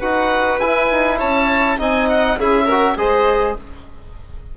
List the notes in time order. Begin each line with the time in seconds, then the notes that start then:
0.00 D#4 F#4 B4 F#5
0.59 E4 G#5
0.92 D#4
1.18 C#4 C#5 A5
1.79 C4 D#4 D#5 G#5
2.09 F#5
2.38 C#4 E4 G#4 E5
2.65 A#4
2.71 F#4
2.97 G#3 G#4 C5 D#5